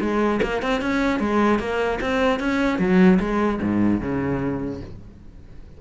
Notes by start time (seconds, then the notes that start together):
0.00 G#3
0.42 A#3
0.62 C4
0.81 C#4
1.19 G#3
1.59 A#3
2.01 C4
2.39 C#4
2.79 F#3
3.19 G#3
3.62 G#2
4.01 C#3